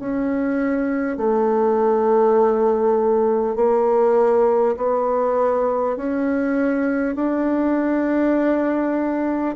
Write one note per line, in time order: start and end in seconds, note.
0.00 1.18 C#4
1.18 3.56 A3
3.56 4.76 A#3
4.77 5.97 B3
5.97 7.16 C#4
7.16 9.56 D4